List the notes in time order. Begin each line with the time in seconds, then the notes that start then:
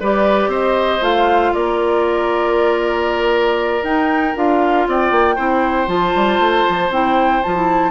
0.00 G3 G4 B4 D5
0.48 C4 C5 D#5
1.00 A3 F4 F5
1.53 A#3 A#4 D5
3.83 D#4 G5
4.35 D4 F4 F5
4.87 C4 D5 G5
5.11 A#3
5.35 C4 E4 C5
5.87 F3 F4 A5
6.15 G3
6.39 A3
6.69 F3
6.90 C4 E4 G5
7.42 F3 F4 A5
7.55 E4